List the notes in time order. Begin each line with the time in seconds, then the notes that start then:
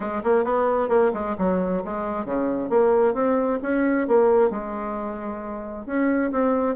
0.00 G#3
0.23 A#3
0.44 B3
0.89 A#3
1.13 G#3
1.37 F#3
1.84 G#3
2.25 C#3
2.69 A#3
3.14 C4
3.62 C#4
4.07 A#3
4.50 G#3
5.86 C#4
6.31 C4